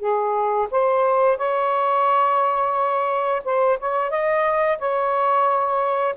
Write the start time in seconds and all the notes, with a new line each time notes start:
0.00 G#4
0.71 C5
1.38 C#5
3.45 C5
3.79 C#5
4.10 D#5
4.79 C#5